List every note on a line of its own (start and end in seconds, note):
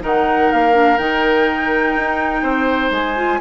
0.00 0.50 D#3
0.00 0.72 D#4
0.00 2.42 A#4
0.00 0.51 F#5
0.51 0.98 A#3
0.51 0.98 F5
0.72 0.97 D4
0.98 1.95 D#3
0.98 3.15 D#4
0.98 2.91 G5
1.96 2.42 D#4
2.42 2.90 C4
2.42 3.39 C5
2.90 3.39 G#3
2.90 3.41 G#5
3.15 3.40 F4